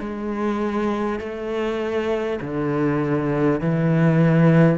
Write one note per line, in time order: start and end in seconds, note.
0.00 1.19 G#3
1.19 2.39 A3
2.41 3.61 D3
3.61 4.78 E3